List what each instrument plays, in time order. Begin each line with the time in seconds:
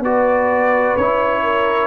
0.00 tuba B3, trombone F#4, horn B4, trumpet D5
0.96 tuba C#4, trombone E4, trumpet C#5
1.42 horn A#4